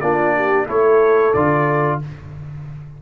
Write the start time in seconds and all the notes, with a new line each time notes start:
0.00 A#3 D4 F4 D5
0.35 G4
0.66 A3 E4 A4 C#5
1.33 D3 F4 D5